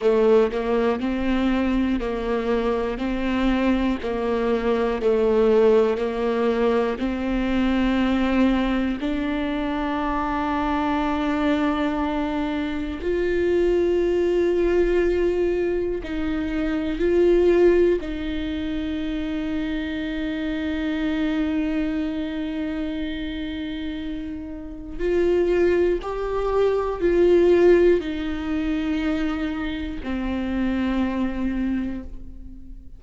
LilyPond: \new Staff \with { instrumentName = "viola" } { \time 4/4 \tempo 4 = 60 a8 ais8 c'4 ais4 c'4 | ais4 a4 ais4 c'4~ | c'4 d'2.~ | d'4 f'2. |
dis'4 f'4 dis'2~ | dis'1~ | dis'4 f'4 g'4 f'4 | dis'2 c'2 | }